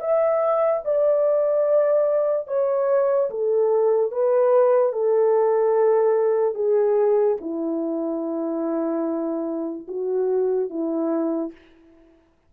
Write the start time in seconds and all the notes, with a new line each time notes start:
0.00 E5
0.84 D5
2.47 C#5
3.30 A4
4.11 B4
4.92 A4
6.55 G#4
7.40 E4
9.87 F#4
10.70 E4